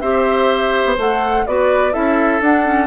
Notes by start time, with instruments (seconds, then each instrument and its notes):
0.00 bassoon C4, clarinet G4, oboe C5, flute E5
0.85 bassoon B3
0.98 bassoon A3, clarinet A4, flute F#5
1.47 bassoon B3, clarinet F#4, oboe B4, flute D5
1.92 bassoon C#4, clarinet E4, oboe A4, flute E5
2.41 bassoon D4, clarinet D4, flute F#5
2.66 clarinet C#4